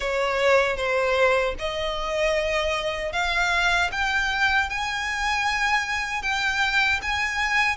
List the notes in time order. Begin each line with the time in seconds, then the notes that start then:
0.00 C#5
0.76 C5
1.58 D#5
3.12 F5
3.91 G5
4.69 G#5
6.22 G5
7.02 G#5